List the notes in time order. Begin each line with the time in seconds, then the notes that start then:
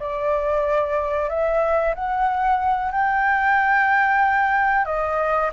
0.00 D5
1.30 E5
1.95 F#5
2.92 G5
4.86 D#5